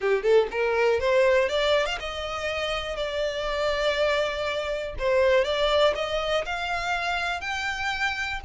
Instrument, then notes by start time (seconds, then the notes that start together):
violin
0.00 G4
0.22 A4
0.51 A#4
1.00 C5
1.49 D5
1.86 F5
1.99 D#5
2.96 D5
4.98 C5
5.44 D5
5.95 D#5
6.45 F5
7.41 G5